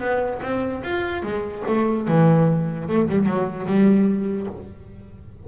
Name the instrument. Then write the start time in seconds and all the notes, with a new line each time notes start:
double bass
0.00 B3
0.42 C4
0.84 F4
1.23 G#3
1.67 A3
2.08 E3
2.88 A3
3.09 G3
3.26 F#3
3.66 G3